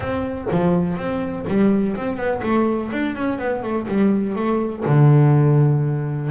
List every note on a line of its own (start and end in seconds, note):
0.00 0.47 C4
0.51 0.97 F3
0.97 1.45 C4
1.47 1.96 G3
1.96 2.16 C4
2.16 2.41 B3
2.42 2.90 A3
2.92 3.15 D4
3.15 3.38 C#4
3.38 3.62 B3
3.62 3.86 A3
3.88 4.35 G3
4.35 4.84 A3
4.85 6.30 D3